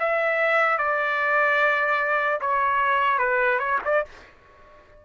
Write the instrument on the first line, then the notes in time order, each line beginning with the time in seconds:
trumpet
0.00 E5
0.78 D5
2.41 C#5
3.19 B4
3.59 C#5
3.85 D5